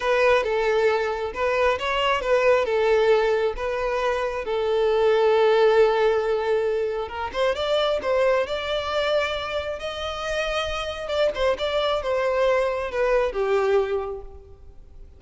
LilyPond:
\new Staff \with { instrumentName = "violin" } { \time 4/4 \tempo 4 = 135 b'4 a'2 b'4 | cis''4 b'4 a'2 | b'2 a'2~ | a'1 |
ais'8 c''8 d''4 c''4 d''4~ | d''2 dis''2~ | dis''4 d''8 c''8 d''4 c''4~ | c''4 b'4 g'2 | }